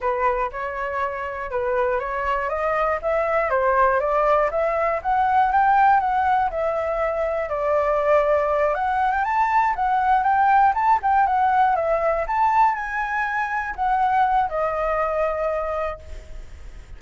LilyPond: \new Staff \with { instrumentName = "flute" } { \time 4/4 \tempo 4 = 120 b'4 cis''2 b'4 | cis''4 dis''4 e''4 c''4 | d''4 e''4 fis''4 g''4 | fis''4 e''2 d''4~ |
d''4. fis''8. g''16 a''4 fis''8~ | fis''8 g''4 a''8 g''8 fis''4 e''8~ | e''8 a''4 gis''2 fis''8~ | fis''4 dis''2. | }